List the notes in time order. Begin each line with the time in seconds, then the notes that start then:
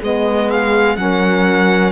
0.00 G#3 B3 G#4 D#5
0.51 F5
0.96 F#3 C#4 A#4 F#5